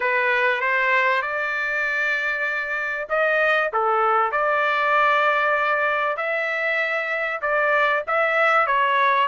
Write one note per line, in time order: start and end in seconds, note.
0.00 0.60 B4
0.60 1.22 C5
1.22 3.07 D5
3.09 3.71 D#5
3.73 4.31 A4
4.31 6.16 D5
6.16 7.40 E5
7.41 8.03 D5
8.07 8.67 E5
8.67 9.28 C#5